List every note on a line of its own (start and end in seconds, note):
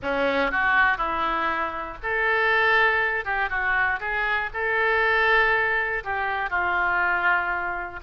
0.02 0.51 C#4
0.51 0.97 F#4
0.97 1.97 E4
2.02 3.24 A4
3.24 3.49 G4
3.49 3.99 F#4
4.00 4.50 G#4
4.53 6.03 A4
6.03 6.50 G4
6.50 8.00 F4